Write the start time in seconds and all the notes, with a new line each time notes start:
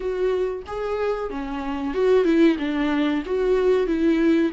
0.00 F#4
0.66 G#4
1.29 C#4
1.94 F#4
2.24 E4
2.58 D4
3.25 F#4
3.86 E4